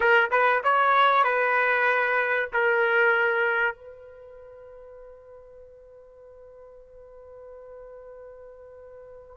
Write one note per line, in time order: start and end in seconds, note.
0.00 0.30 A#4
0.31 0.62 B4
0.63 1.24 C#5
1.24 2.49 B4
2.52 3.75 A#4
3.75 9.36 B4